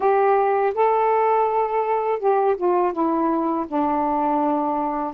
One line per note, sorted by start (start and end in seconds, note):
0.00 0.73 G4
0.74 2.19 A4
2.19 2.55 G4
2.56 2.92 F4
2.92 3.66 E4
3.68 5.13 D4